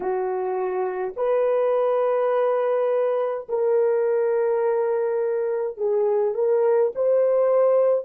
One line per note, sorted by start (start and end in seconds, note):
0.00 1.13 F#4
1.16 3.47 B4
3.48 5.77 A#4
5.77 6.34 G#4
6.34 6.92 A#4
6.95 8.05 C5